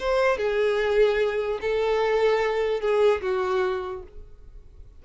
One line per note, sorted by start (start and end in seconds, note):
0.00 0.38 C5
0.38 1.60 G#4
1.62 2.81 A4
2.81 3.22 G#4
3.22 4.03 F#4